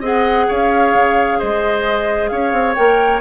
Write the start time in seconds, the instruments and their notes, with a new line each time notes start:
0.00 bassoon C4, clarinet G#4, oboe D#5, flute F#5
0.48 bassoon C#4, oboe C#5, flute F5
0.94 bassoon C#3
1.39 bassoon G#3, oboe C5, flute D#5
2.28 bassoon C#4, oboe C#5, flute F5
2.52 bassoon C4
2.74 bassoon A#3, clarinet A#4, flute G5